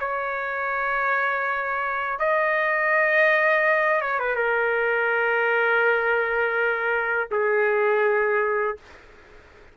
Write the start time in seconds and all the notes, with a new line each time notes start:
0.00 C#5
2.20 D#5
4.01 C#5
4.19 B4
4.36 A#4
7.31 G#4